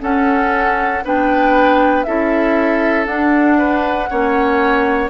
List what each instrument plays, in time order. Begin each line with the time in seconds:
0.00 clarinet C#4, bassoon C#4, oboe A4, flute F#5
1.04 bassoon B3, clarinet D4, oboe B4, flute G5
2.03 bassoon C#4, clarinet E4, oboe A4, flute E5
3.06 clarinet D4, bassoon D4, flute F#5
3.58 oboe B4
4.10 bassoon A#3, clarinet C#4, oboe C#5